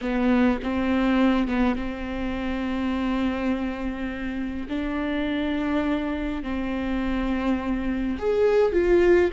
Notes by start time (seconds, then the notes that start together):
0.01 B3
0.62 C4
1.47 B3
1.75 C4
4.69 D4
6.42 C4
8.18 G#4
8.72 F4